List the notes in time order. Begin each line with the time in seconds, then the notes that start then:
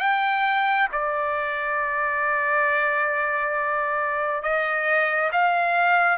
0.00 G5
0.92 D5
4.43 D#5
5.33 F5